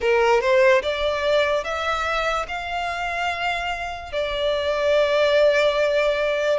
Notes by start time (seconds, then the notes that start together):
0.00 A#4
0.40 C5
0.82 D5
1.64 E5
2.48 F5
4.12 D5